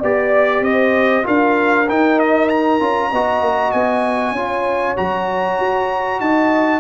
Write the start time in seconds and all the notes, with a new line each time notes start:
0.00 B3 G4 D5
0.61 C4 C5 D#5
1.24 D4 F4 A#4 F5
1.89 D#4 G5
2.19 D#5
2.49 A#5
2.80 C#4 F4
3.11 B3 F#4 D#5
3.41 A#3
3.72 B3 G#5
4.32 C#4 F4
4.38 C#5
4.97 F#3 F#4 A#5
5.59 F#4
6.20 D#4 D#5 A5